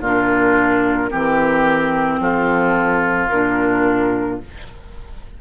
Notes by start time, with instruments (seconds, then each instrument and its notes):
0.00 bassoon A#2, clarinet D4, oboe F4, flute A#4
1.10 bassoon E3, clarinet C4, oboe G4
2.20 bassoon F3, oboe F4, flute A4
3.28 bassoon A#2, clarinet D4, flute A#4